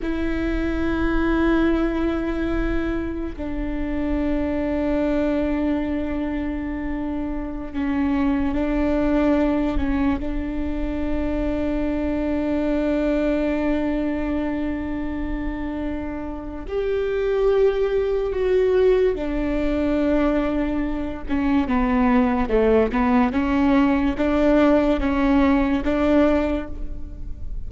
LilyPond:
\new Staff \with { instrumentName = "viola" } { \time 4/4 \tempo 4 = 72 e'1 | d'1~ | d'4~ d'16 cis'4 d'4. cis'16~ | cis'16 d'2.~ d'8.~ |
d'1 | g'2 fis'4 d'4~ | d'4. cis'8 b4 a8 b8 | cis'4 d'4 cis'4 d'4 | }